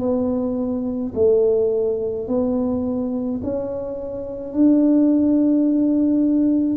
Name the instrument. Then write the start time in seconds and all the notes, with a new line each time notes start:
tuba
0.00 B3
1.15 A3
2.28 B3
3.43 C#4
4.53 D4